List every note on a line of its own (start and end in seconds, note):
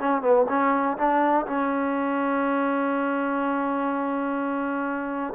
0.00 0.22 C#4
0.22 0.46 B3
0.49 0.98 C#4
0.98 1.46 D4
1.47 5.34 C#4